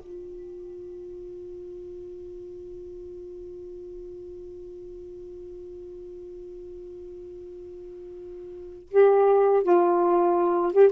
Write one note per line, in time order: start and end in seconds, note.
0.00 8.89 F4
8.91 9.63 G4
9.63 10.73 F4
10.73 10.91 G4